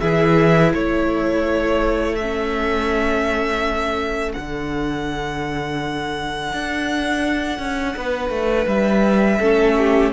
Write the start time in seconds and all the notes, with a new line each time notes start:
0.00 E3 E4 G#4 E5
0.72 A3 A4 C#5
2.15 C#4 E5
4.34 D3 D4 F#5
6.53 D4
7.59 C#4
7.97 B3 B4
8.30 A3
8.67 G3 E5
9.38 A3 C#4 A4
9.78 G4